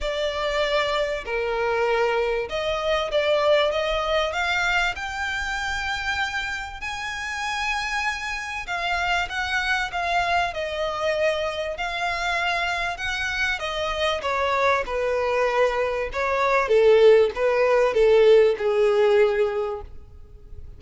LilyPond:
\new Staff \with { instrumentName = "violin" } { \time 4/4 \tempo 4 = 97 d''2 ais'2 | dis''4 d''4 dis''4 f''4 | g''2. gis''4~ | gis''2 f''4 fis''4 |
f''4 dis''2 f''4~ | f''4 fis''4 dis''4 cis''4 | b'2 cis''4 a'4 | b'4 a'4 gis'2 | }